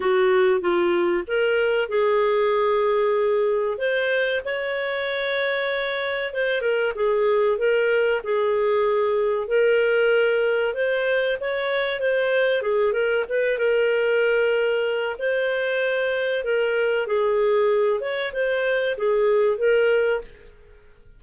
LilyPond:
\new Staff \with { instrumentName = "clarinet" } { \time 4/4 \tempo 4 = 95 fis'4 f'4 ais'4 gis'4~ | gis'2 c''4 cis''4~ | cis''2 c''8 ais'8 gis'4 | ais'4 gis'2 ais'4~ |
ais'4 c''4 cis''4 c''4 | gis'8 ais'8 b'8 ais'2~ ais'8 | c''2 ais'4 gis'4~ | gis'8 cis''8 c''4 gis'4 ais'4 | }